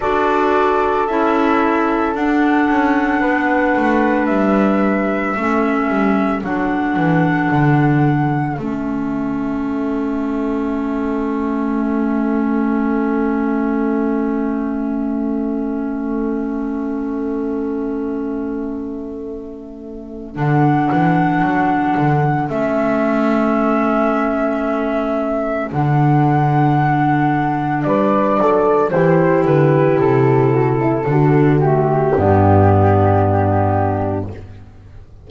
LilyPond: <<
  \new Staff \with { instrumentName = "flute" } { \time 4/4 \tempo 4 = 56 d''4 e''4 fis''2 | e''2 fis''2 | e''1~ | e''1~ |
e''2. fis''4~ | fis''4 e''2. | fis''2 d''4 c''8 b'8 | a'4. g'2~ g'8 | }
  \new Staff \with { instrumentName = "horn" } { \time 4/4 a'2. b'4~ | b'4 a'2.~ | a'1~ | a'1~ |
a'1~ | a'1~ | a'2 b'8 a'8 g'4~ | g'8 fis'16 e'16 fis'4 d'2 | }
  \new Staff \with { instrumentName = "clarinet" } { \time 4/4 fis'4 e'4 d'2~ | d'4 cis'4 d'2 | cis'1~ | cis'1~ |
cis'2. d'4~ | d'4 cis'2. | d'2. e'4~ | e'4 d'8 a8 b2 | }
  \new Staff \with { instrumentName = "double bass" } { \time 4/4 d'4 cis'4 d'8 cis'8 b8 a8 | g4 a8 g8 fis8 e8 d4 | a1~ | a1~ |
a2. d8 e8 | fis8 d8 a2. | d2 g8 fis8 e8 d8 | c4 d4 g,2 | }
>>